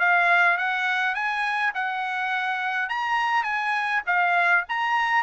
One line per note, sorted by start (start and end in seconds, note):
0.00 0.58 F5
0.58 1.15 F#5
1.15 1.73 G#5
1.75 2.90 F#5
2.90 3.44 A#5
3.44 4.02 G#5
4.07 4.65 F5
4.69 5.24 A#5